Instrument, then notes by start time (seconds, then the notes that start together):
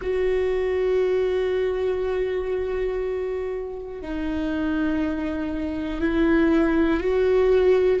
viola
0.01 F#4
4.01 D#4
6.00 E4
7.00 F#4